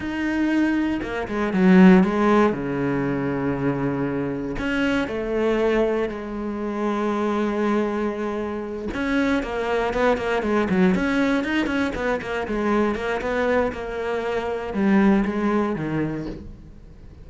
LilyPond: \new Staff \with { instrumentName = "cello" } { \time 4/4 \tempo 4 = 118 dis'2 ais8 gis8 fis4 | gis4 cis2.~ | cis4 cis'4 a2 | gis1~ |
gis4. cis'4 ais4 b8 | ais8 gis8 fis8 cis'4 dis'8 cis'8 b8 | ais8 gis4 ais8 b4 ais4~ | ais4 g4 gis4 dis4 | }